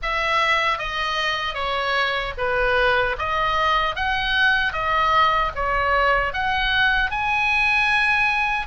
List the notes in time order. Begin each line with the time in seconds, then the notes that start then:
0.02 E5
0.78 D#5
1.54 C#5
2.37 B4
3.18 D#5
3.95 F#5
4.72 D#5
5.55 C#5
6.33 F#5
7.11 G#5